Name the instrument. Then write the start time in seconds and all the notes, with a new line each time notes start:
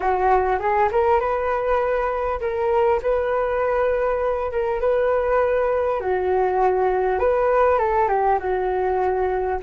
flute
0.00 F#4
0.59 G#4
0.91 A#4
1.20 B4
2.40 A#4
3.02 B4
4.51 A#4
4.80 B4
6.00 F#4
7.19 B4
7.78 A4
8.08 G4
8.39 F#4